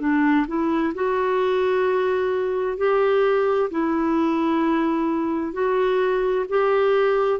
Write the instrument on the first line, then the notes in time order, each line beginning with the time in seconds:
clarinet
0.00 D4
0.47 E4
0.94 F#4
2.78 G4
3.70 E4
5.53 F#4
6.49 G4